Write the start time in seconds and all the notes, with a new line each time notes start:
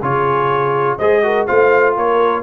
0.00 C#3 F4 G#4 C#5
0.99 G#3 G#4 C5 D#5
1.23 F#4 A#4
1.47 A3 F4 C5 F5
1.97 A#3 A#4 C#5